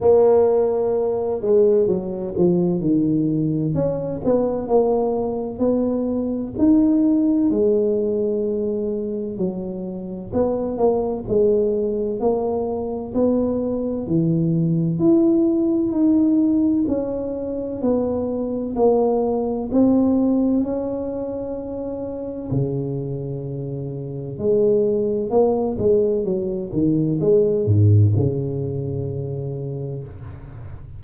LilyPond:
\new Staff \with { instrumentName = "tuba" } { \time 4/4 \tempo 4 = 64 ais4. gis8 fis8 f8 dis4 | cis'8 b8 ais4 b4 dis'4 | gis2 fis4 b8 ais8 | gis4 ais4 b4 e4 |
e'4 dis'4 cis'4 b4 | ais4 c'4 cis'2 | cis2 gis4 ais8 gis8 | fis8 dis8 gis8 gis,8 cis2 | }